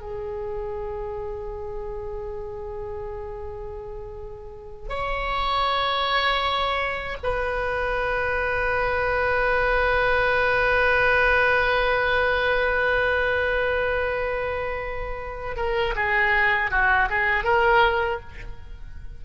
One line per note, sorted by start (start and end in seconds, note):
0.00 4.89 G#4
4.89 7.17 C#5
7.23 15.56 B4
15.56 15.94 A#4
15.95 16.71 G#4
16.71 17.09 F#4
17.09 17.44 G#4
17.44 18.20 A#4